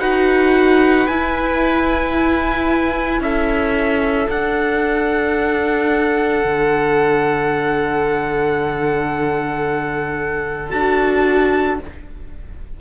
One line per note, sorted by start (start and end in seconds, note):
0.00 1.07 D#4
0.00 1.08 F#4
0.00 3.21 B4
0.00 1.07 F#5
1.07 4.28 E4
1.07 3.21 E4
1.07 3.21 G#5
3.21 4.28 C#4
3.21 11.81 A4
3.21 4.29 E5
4.28 10.70 D4
4.28 6.44 D4
4.28 10.71 F#5
6.44 10.73 D3
10.70 11.80 D4
10.70 11.77 F#4
10.70 11.78 A5